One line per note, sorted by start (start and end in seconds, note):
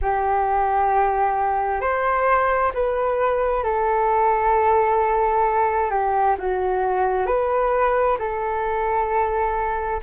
0.01 1.81 G4
1.81 2.71 C5
2.74 3.63 B4
3.63 5.90 A4
5.90 6.36 G4
6.38 7.26 F#4
7.26 8.17 B4
8.18 10.00 A4